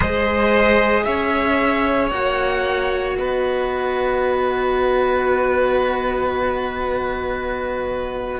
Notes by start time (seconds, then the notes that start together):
0.00 G#3 G#4 C5 D#5
1.04 C#4 C#5 E5
2.10 A#3 F#4 F#5
3.15 B3 B4 D#5